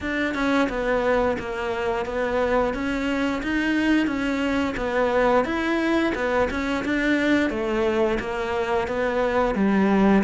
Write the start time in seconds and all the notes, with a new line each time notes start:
0.00 D4
0.34 C#4
0.69 B3
1.39 A#3
2.05 B3
2.73 C#4
3.42 D#4
4.06 C#4
4.76 B3
5.45 E4
6.15 B3
6.50 C#4
6.84 D4
7.50 A3
8.19 A#3
8.87 B3
9.55 G3